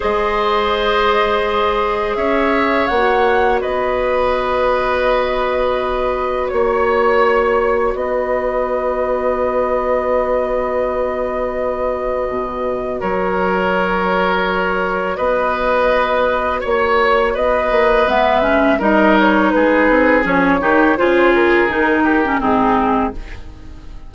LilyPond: <<
  \new Staff \with { instrumentName = "flute" } { \time 4/4 \tempo 4 = 83 dis''2. e''4 | fis''4 dis''2.~ | dis''4 cis''2 dis''4~ | dis''1~ |
dis''2 cis''2~ | cis''4 dis''2 cis''4 | dis''4 e''4 dis''8 cis''8 b'4 | cis''4 c''8 ais'4. gis'4 | }
  \new Staff \with { instrumentName = "oboe" } { \time 4/4 c''2. cis''4~ | cis''4 b'2.~ | b'4 cis''2 b'4~ | b'1~ |
b'2 ais'2~ | ais'4 b'2 cis''4 | b'2 ais'4 gis'4~ | gis'8 g'8 gis'4. g'8 dis'4 | }
  \new Staff \with { instrumentName = "clarinet" } { \time 4/4 gis'1 | fis'1~ | fis'1~ | fis'1~ |
fis'1~ | fis'1~ | fis'4 b8 cis'8 dis'2 | cis'8 dis'8 f'4 dis'8. cis'16 c'4 | }
  \new Staff \with { instrumentName = "bassoon" } { \time 4/4 gis2. cis'4 | ais4 b2.~ | b4 ais2 b4~ | b1~ |
b4 b,4 fis2~ | fis4 b2 ais4 | b8 ais8 gis4 g4 gis8 c'8 | f8 dis8 cis4 dis4 gis,4 | }
>>